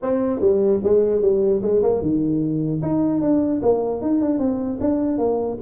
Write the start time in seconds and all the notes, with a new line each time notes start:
0.02 C4
0.40 G3
0.83 G#3
1.21 G3
1.61 G#3
1.82 A#3
2.01 D#3
2.82 D#4
3.21 D4
3.62 A#3
4.01 D#4
4.21 D4
4.39 C4
4.80 D4
5.18 A#3